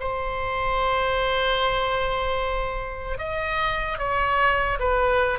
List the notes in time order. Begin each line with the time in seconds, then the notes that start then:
0.00 C5
3.19 D#5
3.99 C#5
4.80 B4